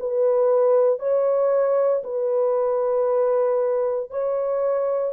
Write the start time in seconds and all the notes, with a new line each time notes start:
0.00 B4
1.00 C#5
2.04 B4
4.11 C#5